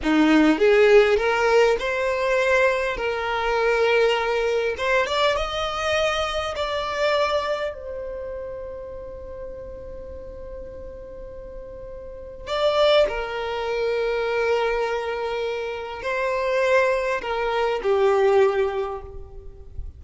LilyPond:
\new Staff \with { instrumentName = "violin" } { \time 4/4 \tempo 4 = 101 dis'4 gis'4 ais'4 c''4~ | c''4 ais'2. | c''8 d''8 dis''2 d''4~ | d''4 c''2.~ |
c''1~ | c''4 d''4 ais'2~ | ais'2. c''4~ | c''4 ais'4 g'2 | }